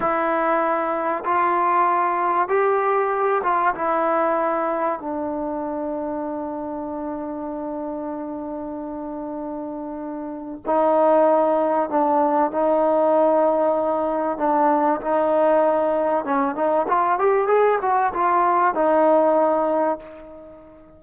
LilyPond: \new Staff \with { instrumentName = "trombone" } { \time 4/4 \tempo 4 = 96 e'2 f'2 | g'4. f'8 e'2 | d'1~ | d'1~ |
d'4 dis'2 d'4 | dis'2. d'4 | dis'2 cis'8 dis'8 f'8 g'8 | gis'8 fis'8 f'4 dis'2 | }